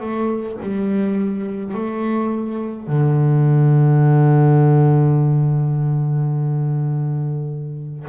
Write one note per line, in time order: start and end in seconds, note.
0.00 0.58 A3
0.61 1.74 G3
1.74 2.87 A3
2.87 8.07 D3